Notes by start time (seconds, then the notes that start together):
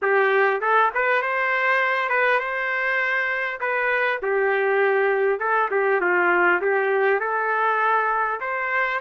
0.02 G4
0.61 A4
0.94 B4
1.22 C5
2.09 B4
2.39 C5
3.60 B4
4.22 G4
5.39 A4
5.70 G4
6.00 F4
6.61 G4
7.20 A4
8.40 C5